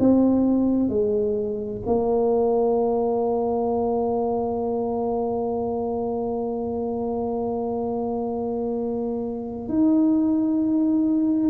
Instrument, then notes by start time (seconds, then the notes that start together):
tuba
0.00 C4
0.89 G#3
1.86 A#3
9.69 D#4